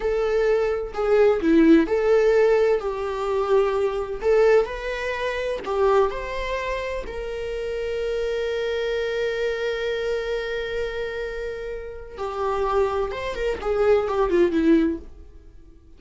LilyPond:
\new Staff \with { instrumentName = "viola" } { \time 4/4 \tempo 4 = 128 a'2 gis'4 e'4 | a'2 g'2~ | g'4 a'4 b'2 | g'4 c''2 ais'4~ |
ais'1~ | ais'1~ | ais'2 g'2 | c''8 ais'8 gis'4 g'8 f'8 e'4 | }